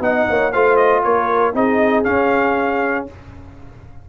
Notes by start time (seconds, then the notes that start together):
0.00 B3 D#4 D#5 F#5
0.29 A#3 C#5
0.52 A3 F4 C5 F5
0.76 D#5
1.03 A#3 A#4 C#5
1.54 C4 D#4 G#4 D#5
2.04 C#4 F5